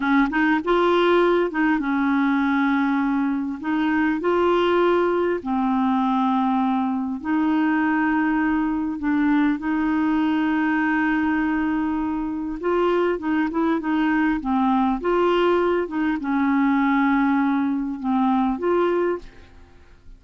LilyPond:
\new Staff \with { instrumentName = "clarinet" } { \time 4/4 \tempo 4 = 100 cis'8 dis'8 f'4. dis'8 cis'4~ | cis'2 dis'4 f'4~ | f'4 c'2. | dis'2. d'4 |
dis'1~ | dis'4 f'4 dis'8 e'8 dis'4 | c'4 f'4. dis'8 cis'4~ | cis'2 c'4 f'4 | }